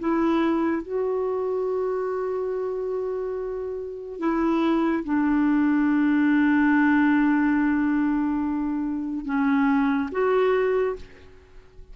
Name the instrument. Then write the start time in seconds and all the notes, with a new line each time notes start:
clarinet
0.00 E4
0.83 F#4
4.19 E4
5.04 D4
9.26 C#4
10.12 F#4